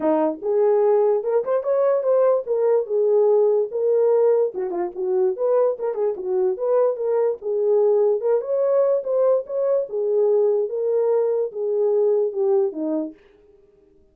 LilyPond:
\new Staff \with { instrumentName = "horn" } { \time 4/4 \tempo 4 = 146 dis'4 gis'2 ais'8 c''8 | cis''4 c''4 ais'4 gis'4~ | gis'4 ais'2 fis'8 f'8 | fis'4 b'4 ais'8 gis'8 fis'4 |
b'4 ais'4 gis'2 | ais'8 cis''4. c''4 cis''4 | gis'2 ais'2 | gis'2 g'4 dis'4 | }